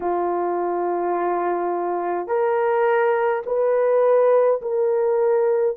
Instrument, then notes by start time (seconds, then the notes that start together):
horn
0.00 F4
2.27 A#4
3.46 B4
4.61 A#4